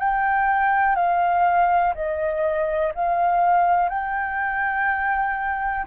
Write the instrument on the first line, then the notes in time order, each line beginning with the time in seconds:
flute
0.00 G5
0.96 F5
1.95 D#5
2.95 F5
3.89 G5